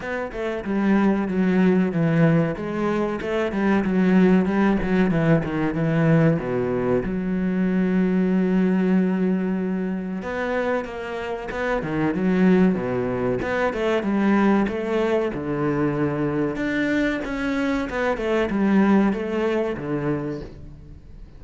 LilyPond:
\new Staff \with { instrumentName = "cello" } { \time 4/4 \tempo 4 = 94 b8 a8 g4 fis4 e4 | gis4 a8 g8 fis4 g8 fis8 | e8 dis8 e4 b,4 fis4~ | fis1 |
b4 ais4 b8 dis8 fis4 | b,4 b8 a8 g4 a4 | d2 d'4 cis'4 | b8 a8 g4 a4 d4 | }